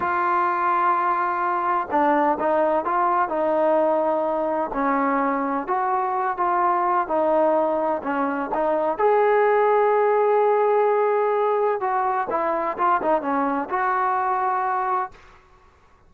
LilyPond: \new Staff \with { instrumentName = "trombone" } { \time 4/4 \tempo 4 = 127 f'1 | d'4 dis'4 f'4 dis'4~ | dis'2 cis'2 | fis'4. f'4. dis'4~ |
dis'4 cis'4 dis'4 gis'4~ | gis'1~ | gis'4 fis'4 e'4 f'8 dis'8 | cis'4 fis'2. | }